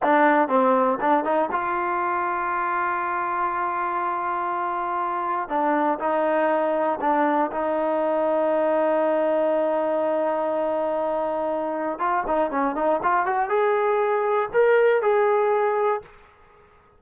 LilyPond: \new Staff \with { instrumentName = "trombone" } { \time 4/4 \tempo 4 = 120 d'4 c'4 d'8 dis'8 f'4~ | f'1~ | f'2. d'4 | dis'2 d'4 dis'4~ |
dis'1~ | dis'1 | f'8 dis'8 cis'8 dis'8 f'8 fis'8 gis'4~ | gis'4 ais'4 gis'2 | }